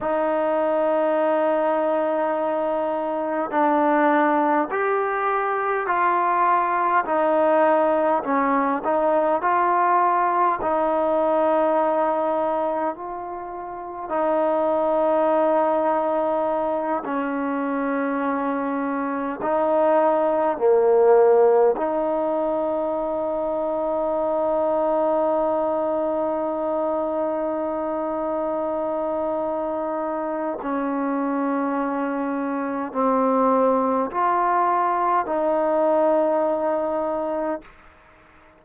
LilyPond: \new Staff \with { instrumentName = "trombone" } { \time 4/4 \tempo 4 = 51 dis'2. d'4 | g'4 f'4 dis'4 cis'8 dis'8 | f'4 dis'2 f'4 | dis'2~ dis'8 cis'4.~ |
cis'8 dis'4 ais4 dis'4.~ | dis'1~ | dis'2 cis'2 | c'4 f'4 dis'2 | }